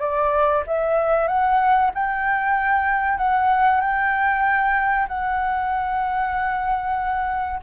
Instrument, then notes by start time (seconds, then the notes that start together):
flute
0.00 D5
0.67 E5
1.28 F#5
1.94 G5
3.18 F#5
3.81 G5
5.08 F#5